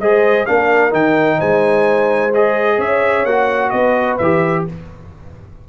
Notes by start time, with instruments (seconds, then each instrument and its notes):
0.00 tuba G#3, trombone G#4, horn C5, trumpet D#5
0.45 tuba A#3, trombone D4, horn A#4, trumpet F5
0.91 tuba D#3, trombone D#4, trumpet G5
1.38 tuba G#3, horn C5, trumpet G#5
2.34 trombone G#4, trumpet D#5
2.78 tuba C#4, horn C#5, trumpet E5
3.25 tuba A#3, trombone F#4, trumpet F#5
3.70 tuba B3, horn B4, trumpet D#5
4.18 tuba E3, trombone G4, trumpet E5